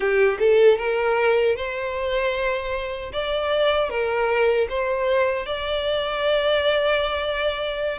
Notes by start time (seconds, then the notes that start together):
0.00 G4
0.39 A4
0.78 A#4
1.56 C5
3.12 D5
3.89 A#4
4.69 C5
5.45 D5